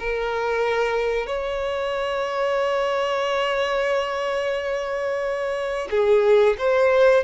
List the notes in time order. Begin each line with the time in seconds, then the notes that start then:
0.00 A#4
1.27 C#5
5.91 G#4
6.59 C5